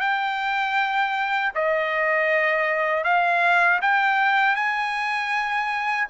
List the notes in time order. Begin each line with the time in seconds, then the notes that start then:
0.00 G5
1.55 D#5
3.04 F5
3.81 G5
4.55 G#5